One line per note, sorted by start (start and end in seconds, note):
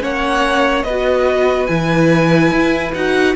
0.00 0.84 A#3
0.00 0.83 C#4
0.00 0.85 C#5
0.00 0.83 F#5
0.83 1.67 B3
0.83 3.35 B4
0.83 1.66 D#5
0.90 1.68 F#4
1.67 2.51 E3
1.67 2.93 E4
1.67 2.92 G#5
2.51 2.93 E4
2.94 3.35 D#4
2.94 3.35 F#4
2.94 3.35 F#5